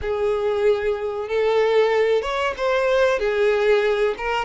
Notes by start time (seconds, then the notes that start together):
0.01 G#4
1.28 A4
2.22 C#5
2.57 C5
3.19 G#4
4.17 A#4